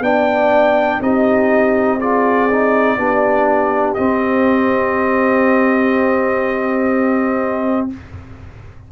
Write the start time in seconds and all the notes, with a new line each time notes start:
0.00 B3 D4 D5 G5
1.00 C4 D#4 G4 D#5
1.98 F4 G#4 D5
2.51 D#4
2.97 B3 D4 G4
3.94 C4 D#5